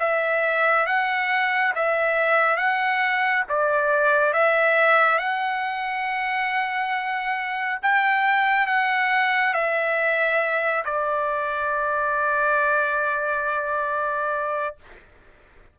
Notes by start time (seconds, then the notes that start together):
0.00 E5
0.87 F#5
1.76 E5
2.57 F#5
3.49 D5
4.34 E5
5.19 F#5
7.83 G5
8.67 F#5
9.54 E5
10.85 D5